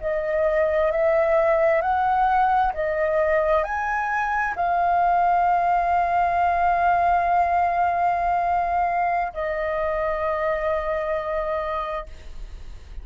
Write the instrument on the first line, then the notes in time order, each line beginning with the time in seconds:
flute
0.00 D#5
0.91 E5
1.81 F#5
2.73 D#5
3.63 G#5
4.55 F5
9.33 D#5